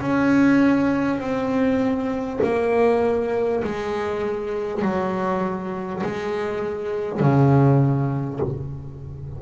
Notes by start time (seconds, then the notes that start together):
0.00 C#4
1.19 C4
2.43 A#3
3.63 G#3
4.82 F#3
6.03 G#3
7.19 C#3